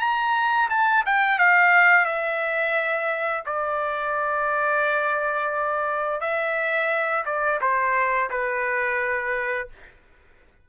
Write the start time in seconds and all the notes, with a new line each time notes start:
0.00 A#5
0.70 A5
1.06 G5
1.39 F5
2.06 E5
3.46 D5
6.21 E5
7.25 D5
7.61 C5
8.30 B4